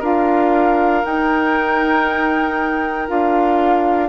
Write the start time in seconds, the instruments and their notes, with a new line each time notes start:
0.00 bassoon D4, clarinet F4, oboe A#4, flute F5
1.04 clarinet D#4, bassoon D#4, flute G5
3.08 bassoon D4, clarinet F4, flute F5